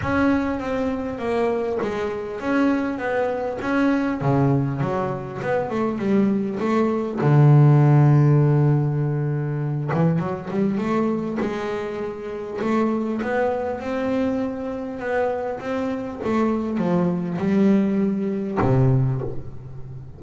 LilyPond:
\new Staff \with { instrumentName = "double bass" } { \time 4/4 \tempo 4 = 100 cis'4 c'4 ais4 gis4 | cis'4 b4 cis'4 cis4 | fis4 b8 a8 g4 a4 | d1~ |
d8 e8 fis8 g8 a4 gis4~ | gis4 a4 b4 c'4~ | c'4 b4 c'4 a4 | f4 g2 c4 | }